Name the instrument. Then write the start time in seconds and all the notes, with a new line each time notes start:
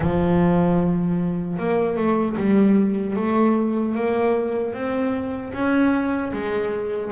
double bass
0.00 F3
1.59 A#3
1.96 A3
2.37 G3
3.16 A3
3.95 A#3
4.73 C4
5.53 C#4
6.32 G#3